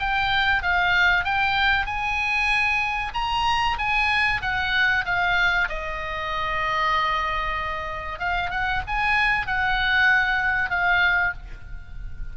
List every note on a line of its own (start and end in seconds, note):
0.00 0.63 G5
0.63 1.25 F5
1.25 1.86 G5
1.86 3.12 G#5
3.14 3.78 A#5
3.78 4.42 G#5
4.42 5.05 F#5
5.06 5.69 F5
5.69 8.20 D#5
8.20 8.51 F5
8.51 8.82 F#5
8.87 9.47 G#5
9.47 10.70 F#5
10.70 11.33 F5